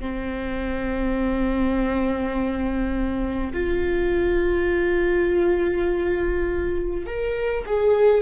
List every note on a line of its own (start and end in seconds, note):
0.00 3.53 C4
3.53 7.06 F4
7.06 7.65 A#4
7.67 8.22 G#4